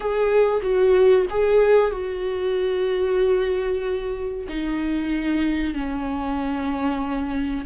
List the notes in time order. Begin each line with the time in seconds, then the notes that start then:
0.00 G#4
0.62 F#4
1.30 G#4
1.91 F#4
4.48 D#4
5.73 C#4